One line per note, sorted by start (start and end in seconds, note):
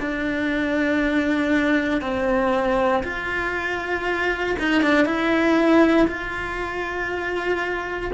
0.00 2.02 D4
2.02 3.04 C4
3.04 4.57 F4
4.59 4.83 D#4
4.83 5.06 D4
5.06 6.08 E4
6.08 8.12 F4